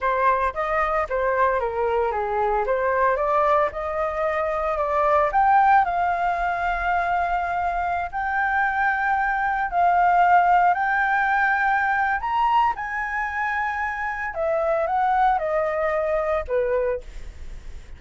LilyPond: \new Staff \with { instrumentName = "flute" } { \time 4/4 \tempo 4 = 113 c''4 dis''4 c''4 ais'4 | gis'4 c''4 d''4 dis''4~ | dis''4 d''4 g''4 f''4~ | f''2.~ f''16 g''8.~ |
g''2~ g''16 f''4.~ f''16~ | f''16 g''2~ g''8. ais''4 | gis''2. e''4 | fis''4 dis''2 b'4 | }